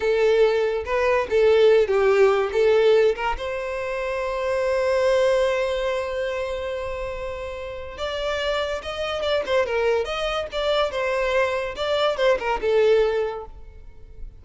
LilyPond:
\new Staff \with { instrumentName = "violin" } { \time 4/4 \tempo 4 = 143 a'2 b'4 a'4~ | a'8 g'4. a'4. ais'8 | c''1~ | c''1~ |
c''2. d''4~ | d''4 dis''4 d''8 c''8 ais'4 | dis''4 d''4 c''2 | d''4 c''8 ais'8 a'2 | }